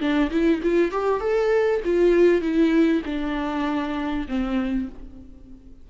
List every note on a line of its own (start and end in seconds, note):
0.00 0.30 D4
0.31 0.61 E4
0.63 0.91 F4
0.91 1.20 G4
1.20 1.81 A4
1.85 2.41 F4
2.41 3.02 E4
3.06 4.27 D4
4.28 4.89 C4